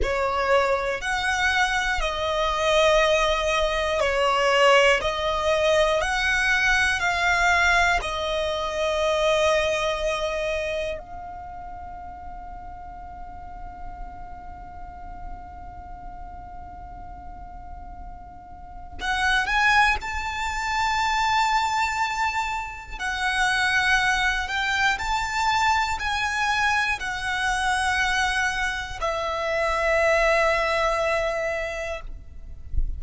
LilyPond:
\new Staff \with { instrumentName = "violin" } { \time 4/4 \tempo 4 = 60 cis''4 fis''4 dis''2 | cis''4 dis''4 fis''4 f''4 | dis''2. f''4~ | f''1~ |
f''2. fis''8 gis''8 | a''2. fis''4~ | fis''8 g''8 a''4 gis''4 fis''4~ | fis''4 e''2. | }